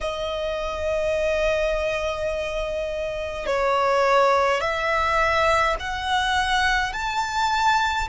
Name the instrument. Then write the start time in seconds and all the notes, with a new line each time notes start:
violin
0.01 D#5
3.46 C#5
4.60 E5
5.79 F#5
6.92 A5